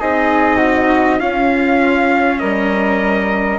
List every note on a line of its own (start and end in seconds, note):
0.00 1.21 C4
0.00 1.20 D#4
0.00 0.57 G#4
0.00 1.20 D#5
0.57 1.17 F#4
1.19 3.58 C#4
1.19 2.41 C#4
1.19 2.39 F4
1.19 2.39 F5
2.39 3.58 G3
2.39 3.58 A#4
2.39 3.58 D#5